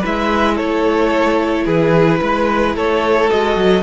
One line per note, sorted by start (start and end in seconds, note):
0.00 0.60 G#3
0.00 3.29 E4
0.00 0.55 B4
0.00 0.56 E5
0.55 1.66 A3
0.55 1.64 A4
0.55 1.65 C#5
1.65 2.20 E3
1.65 2.20 G#4
1.65 2.75 B4
2.21 2.75 G#3
2.21 2.75 B4
2.75 3.29 A3
2.75 3.83 A4
2.75 3.30 C#5
3.29 3.56 G#3
3.29 3.83 F#4
3.29 3.83 D#5
3.56 3.83 F#3